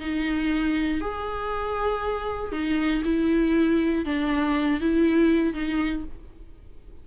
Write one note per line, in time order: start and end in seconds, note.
0.00 1.01 D#4
1.01 2.52 G#4
2.52 3.03 D#4
3.05 4.05 E4
4.05 4.80 D4
4.80 5.53 E4
5.53 6.04 D#4